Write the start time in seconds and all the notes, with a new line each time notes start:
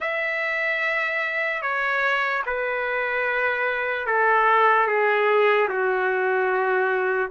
0.00 E5
1.61 C#5
2.45 B4
4.06 A4
4.87 G#4
5.68 F#4